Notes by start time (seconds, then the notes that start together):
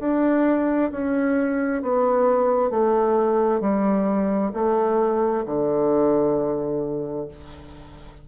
0.00 D4
0.91 C#4
1.82 B3
2.70 A3
3.61 G3
4.54 A3
5.46 D3